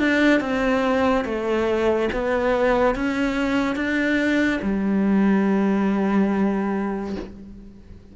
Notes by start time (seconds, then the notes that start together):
0.00 D4
0.41 C4
1.25 A3
2.13 B3
2.96 C#4
3.76 D4
4.62 G3